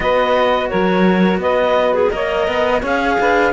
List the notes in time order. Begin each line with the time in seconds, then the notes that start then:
0.00 B3 F#4 B4 D#5
0.69 F#3 A#4 C#5
1.37 B3 B4 D#5
1.94 G#4
2.10 A#3 A#4 C#5 D#5
2.47 B3 D#5
2.80 C#4 G#4 C#5 F5
3.20 D4 B4